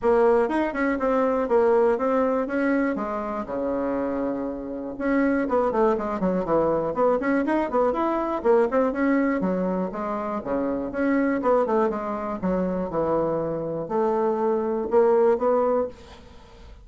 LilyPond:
\new Staff \with { instrumentName = "bassoon" } { \time 4/4 \tempo 4 = 121 ais4 dis'8 cis'8 c'4 ais4 | c'4 cis'4 gis4 cis4~ | cis2 cis'4 b8 a8 | gis8 fis8 e4 b8 cis'8 dis'8 b8 |
e'4 ais8 c'8 cis'4 fis4 | gis4 cis4 cis'4 b8 a8 | gis4 fis4 e2 | a2 ais4 b4 | }